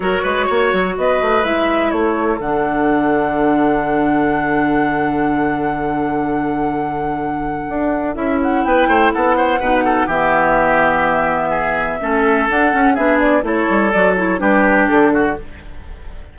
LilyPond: <<
  \new Staff \with { instrumentName = "flute" } { \time 4/4 \tempo 4 = 125 cis''2 dis''4 e''4 | cis''4 fis''2.~ | fis''1~ | fis''1~ |
fis''4 e''8 fis''8 g''4 fis''4~ | fis''4 e''2.~ | e''2 fis''4 e''8 d''8 | cis''4 d''8 cis''8 b'4 a'4 | }
  \new Staff \with { instrumentName = "oboe" } { \time 4/4 ais'8 b'8 cis''4 b'2 | a'1~ | a'1~ | a'1~ |
a'2 b'8 c''8 a'8 c''8 | b'8 a'8 g'2. | gis'4 a'2 gis'4 | a'2 g'4. fis'8 | }
  \new Staff \with { instrumentName = "clarinet" } { \time 4/4 fis'2. e'4~ | e'4 d'2.~ | d'1~ | d'1~ |
d'4 e'2. | dis'4 b2.~ | b4 cis'4 d'8 cis'8 d'4 | e'4 fis'8 e'8 d'2 | }
  \new Staff \with { instrumentName = "bassoon" } { \time 4/4 fis8 gis8 ais8 fis8 b8 a8 gis4 | a4 d2.~ | d1~ | d1 |
d'4 cis'4 b8 a8 b4 | b,4 e2.~ | e4 a4 d'8 cis'8 b4 | a8 g8 fis4 g4 d4 | }
>>